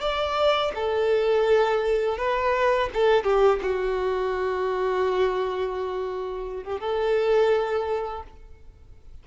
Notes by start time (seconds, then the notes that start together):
0.00 D5
0.75 A4
2.18 B4
2.93 A4
3.23 G4
3.62 F#4
6.64 G4
6.80 A4